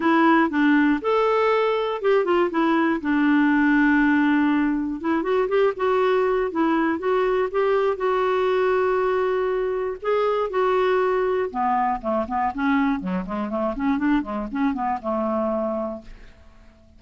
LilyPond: \new Staff \with { instrumentName = "clarinet" } { \time 4/4 \tempo 4 = 120 e'4 d'4 a'2 | g'8 f'8 e'4 d'2~ | d'2 e'8 fis'8 g'8 fis'8~ | fis'4 e'4 fis'4 g'4 |
fis'1 | gis'4 fis'2 b4 | a8 b8 cis'4 fis8 gis8 a8 cis'8 | d'8 gis8 cis'8 b8 a2 | }